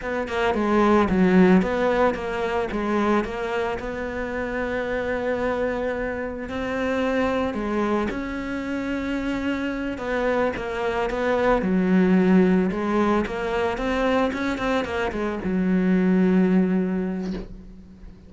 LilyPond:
\new Staff \with { instrumentName = "cello" } { \time 4/4 \tempo 4 = 111 b8 ais8 gis4 fis4 b4 | ais4 gis4 ais4 b4~ | b1 | c'2 gis4 cis'4~ |
cis'2~ cis'8 b4 ais8~ | ais8 b4 fis2 gis8~ | gis8 ais4 c'4 cis'8 c'8 ais8 | gis8 fis2.~ fis8 | }